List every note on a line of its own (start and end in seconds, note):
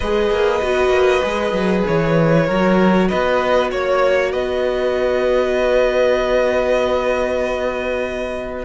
0.00 0.30 G#3
0.00 0.62 G#4
0.00 2.46 B4
0.00 1.83 D#5
0.30 0.61 A#3
0.62 0.89 B3
0.62 1.22 F#4
0.89 1.20 A#3
1.22 1.52 G#3
1.22 2.46 G#4
1.52 1.83 F#3
1.86 2.49 E3
1.86 3.08 C#5
2.46 3.11 F#3
2.46 8.65 F#4
2.46 3.08 A#4
3.08 3.72 B3
3.08 3.70 B4
3.08 3.70 D#5
3.71 4.34 A#3
3.71 4.32 C#5
4.32 8.65 B3
4.32 8.65 B4
4.32 8.65 D#5